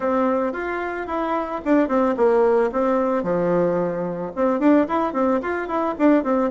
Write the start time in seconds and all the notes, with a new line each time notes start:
0.00 C4
0.52 F4
1.06 E4
1.64 D4
1.88 C4
2.16 A#3
2.71 C4
3.23 F3
4.35 C4
4.59 D4
4.88 E4
5.13 C4
5.42 F4
5.68 E4
5.98 D4
6.23 C4